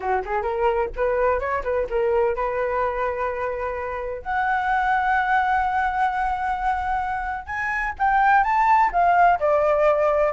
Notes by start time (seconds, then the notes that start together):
0.00 F#4
0.25 G#4
0.42 A#4
0.96 B4
1.39 C#5
1.63 B4
1.89 A#4
2.35 B4
4.22 F#5
7.46 G#5
7.99 G5
8.43 A5
8.92 F5
9.39 D5